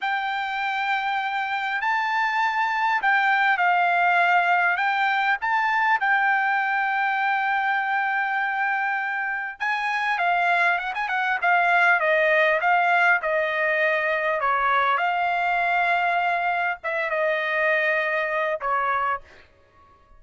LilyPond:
\new Staff \with { instrumentName = "trumpet" } { \time 4/4 \tempo 4 = 100 g''2. a''4~ | a''4 g''4 f''2 | g''4 a''4 g''2~ | g''1 |
gis''4 f''4 fis''16 gis''16 fis''8 f''4 | dis''4 f''4 dis''2 | cis''4 f''2. | e''8 dis''2~ dis''8 cis''4 | }